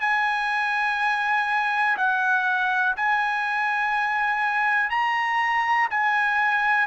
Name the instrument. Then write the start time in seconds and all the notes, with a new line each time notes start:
trumpet
0.00 G#5
1.97 F#5
2.96 G#5
4.90 A#5
5.90 G#5